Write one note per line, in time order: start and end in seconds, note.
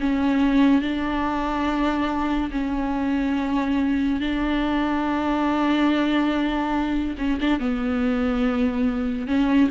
0.00 0.82 C#4
0.82 2.51 D4
2.52 4.21 C#4
4.21 7.16 D4
7.18 7.39 C#4
7.41 7.60 D4
7.60 9.28 B3
9.28 9.70 C#4